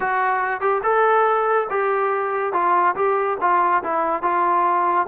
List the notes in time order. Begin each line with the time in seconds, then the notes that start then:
0.00 F#4
0.60 G4
0.83 A4
1.70 G4
2.52 F4
2.95 G4
3.40 F4
3.83 E4
4.22 F4